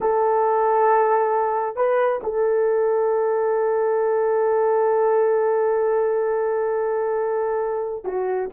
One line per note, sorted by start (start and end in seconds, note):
0.01 1.76 A4
1.76 2.20 B4
2.23 8.04 A4
8.04 8.49 F#4